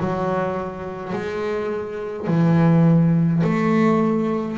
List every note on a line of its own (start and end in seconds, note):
0.00 1.13 F#3
1.13 2.27 G#3
2.27 3.42 E3
3.43 4.57 A3